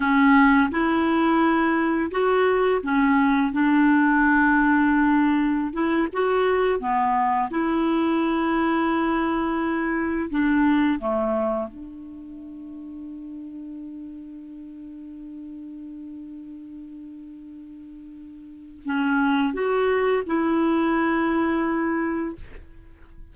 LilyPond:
\new Staff \with { instrumentName = "clarinet" } { \time 4/4 \tempo 4 = 86 cis'4 e'2 fis'4 | cis'4 d'2.~ | d'16 e'8 fis'4 b4 e'4~ e'16~ | e'2~ e'8. d'4 a16~ |
a8. d'2.~ d'16~ | d'1~ | d'2. cis'4 | fis'4 e'2. | }